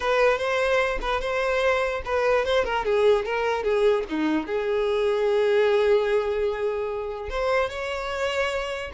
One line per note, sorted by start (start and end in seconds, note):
0.00 0.38 B4
0.38 0.98 C5
1.01 1.21 B4
1.21 2.02 C5
2.05 2.45 B4
2.45 2.64 C5
2.64 2.84 A#4
2.85 3.25 G#4
3.25 3.63 A#4
3.63 4.04 G#4
4.09 4.46 D#4
4.46 7.29 G#4
7.29 7.69 C5
7.69 8.91 C#5